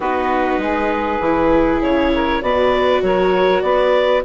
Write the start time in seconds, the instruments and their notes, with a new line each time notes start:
0.00 bassoon B3, viola D#4, saxophone F#4, clarinet B4
0.58 bassoon G#3, saxophone G#4
1.20 bassoon E3, viola E4
1.82 bassoon C#3, clarinet C#5
2.14 saxophone A#4
2.41 bassoon B2, viola F#4, saxophone B4, clarinet D5
3.02 bassoon F#3, saxophone A#4, clarinet C#5
3.61 bassoon B3, saxophone B4, clarinet D5